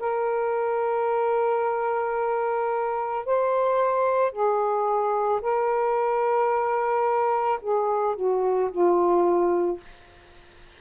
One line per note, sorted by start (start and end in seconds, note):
0.00 3.25 A#4
3.25 4.32 C5
4.32 5.41 G#4
5.41 7.60 A#4
7.61 8.16 G#4
8.16 8.70 F#4
8.71 9.80 F4